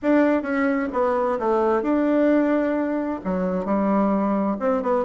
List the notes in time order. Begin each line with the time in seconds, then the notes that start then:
0.02 D4
0.42 C#4
0.93 B3
1.39 A3
1.82 D4
3.24 F#3
3.65 G3
4.59 C4
4.82 B3